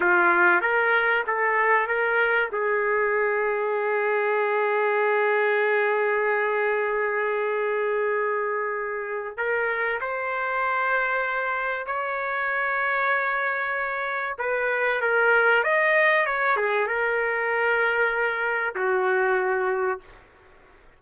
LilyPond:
\new Staff \with { instrumentName = "trumpet" } { \time 4/4 \tempo 4 = 96 f'4 ais'4 a'4 ais'4 | gis'1~ | gis'1~ | gis'2. ais'4 |
c''2. cis''4~ | cis''2. b'4 | ais'4 dis''4 cis''8 gis'8 ais'4~ | ais'2 fis'2 | }